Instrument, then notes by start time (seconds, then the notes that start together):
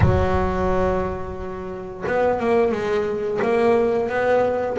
double bass
0.00 F#3
2.06 B3
2.39 A#3
2.71 G#3
3.42 A#3
4.09 B3